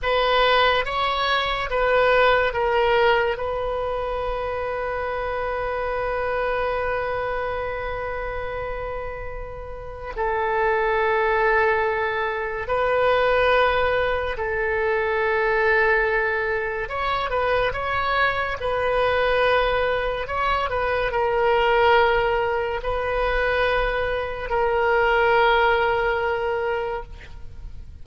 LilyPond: \new Staff \with { instrumentName = "oboe" } { \time 4/4 \tempo 4 = 71 b'4 cis''4 b'4 ais'4 | b'1~ | b'1 | a'2. b'4~ |
b'4 a'2. | cis''8 b'8 cis''4 b'2 | cis''8 b'8 ais'2 b'4~ | b'4 ais'2. | }